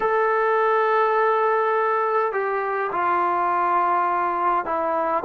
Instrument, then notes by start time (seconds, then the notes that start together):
trombone
0.00 A4
2.32 G4
2.92 F4
4.65 E4